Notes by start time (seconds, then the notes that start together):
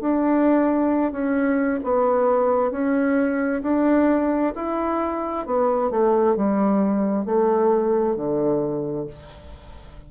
0.00 D4
1.12 C#4
1.83 B3
2.71 C#4
3.62 D4
4.55 E4
5.45 B3
5.90 A3
6.36 G3
7.25 A3
8.16 D3